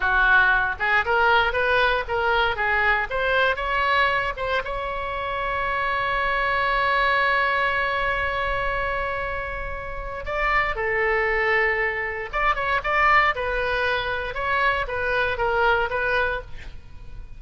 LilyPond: \new Staff \with { instrumentName = "oboe" } { \time 4/4 \tempo 4 = 117 fis'4. gis'8 ais'4 b'4 | ais'4 gis'4 c''4 cis''4~ | cis''8 c''8 cis''2.~ | cis''1~ |
cis''1 | d''4 a'2. | d''8 cis''8 d''4 b'2 | cis''4 b'4 ais'4 b'4 | }